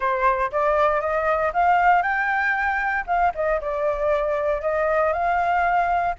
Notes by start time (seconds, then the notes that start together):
0.00 C5
0.51 D5
1.00 D#5
1.53 F5
2.02 G5
3.06 F5
3.34 D#5
3.61 D5
4.61 D#5
5.12 F5